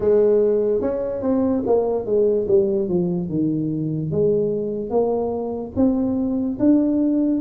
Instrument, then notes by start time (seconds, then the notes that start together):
tuba
0.00 G#3
0.81 C#4
1.22 C4
1.66 A#3
2.05 G#3
2.48 G3
2.88 F3
3.28 D#3
4.11 G#3
4.89 A#3
5.76 C4
6.59 D4